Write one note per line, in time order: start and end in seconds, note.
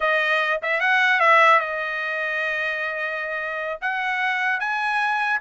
0.00 0.60 D#5
0.62 0.80 E5
0.80 1.20 F#5
1.20 1.59 E5
1.59 3.79 D#5
3.81 4.59 F#5
4.59 5.39 G#5